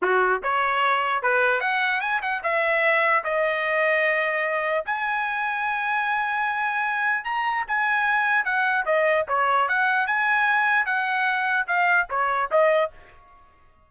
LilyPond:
\new Staff \with { instrumentName = "trumpet" } { \time 4/4 \tempo 4 = 149 fis'4 cis''2 b'4 | fis''4 gis''8 fis''8 e''2 | dis''1 | gis''1~ |
gis''2 ais''4 gis''4~ | gis''4 fis''4 dis''4 cis''4 | fis''4 gis''2 fis''4~ | fis''4 f''4 cis''4 dis''4 | }